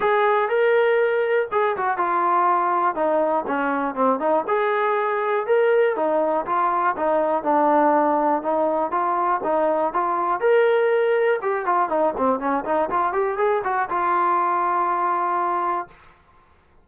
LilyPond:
\new Staff \with { instrumentName = "trombone" } { \time 4/4 \tempo 4 = 121 gis'4 ais'2 gis'8 fis'8 | f'2 dis'4 cis'4 | c'8 dis'8 gis'2 ais'4 | dis'4 f'4 dis'4 d'4~ |
d'4 dis'4 f'4 dis'4 | f'4 ais'2 g'8 f'8 | dis'8 c'8 cis'8 dis'8 f'8 g'8 gis'8 fis'8 | f'1 | }